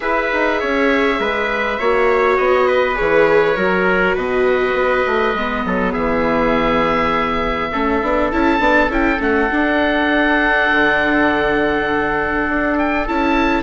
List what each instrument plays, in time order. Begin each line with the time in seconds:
0.00 bassoon E4, viola G#4, trumpet B4, oboe E5
0.33 bassoon D#4
0.60 bassoon C#4, trumpet C#5
1.19 bassoon G#3, trumpet B4
1.79 bassoon A#3, viola F#4, trumpet C#5
2.37 bassoon B3, oboe D#5
2.67 trumpet B4
2.94 bassoon E3, viola G#4, oboe C#5
3.56 bassoon F#3, viola F#4, trumpet A#4
4.15 bassoon B2, trumpet B4, oboe D#5
4.73 bassoon B3
5.06 bassoon A3
5.34 bassoon G#3, viola B3
5.65 bassoon F#3, trumpet A4
5.92 bassoon E3, trumpet G#4, oboe E5
7.72 bassoon A3, viola C#4, trumpet A4
8.01 bassoon B3, viola D4
8.31 bassoon C#4, viola E4, oboe A5
8.59 bassoon B3, viola D4
8.88 bassoon C#4, viola E4, oboe G5
9.19 bassoon A3, viola C#4, oboe F#5
9.51 bassoon D4, viola D4
10.71 bassoon D3
12.48 bassoon D4
12.78 oboe G5
13.07 bassoon C#4, viola E4, oboe A5